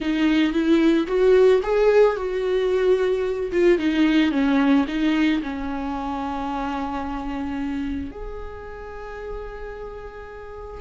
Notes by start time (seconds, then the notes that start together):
0.00 D#4
0.53 E4
1.07 F#4
1.62 G#4
2.16 F#4
3.52 F4
3.78 D#4
4.31 C#4
4.87 D#4
5.42 C#4
8.11 G#4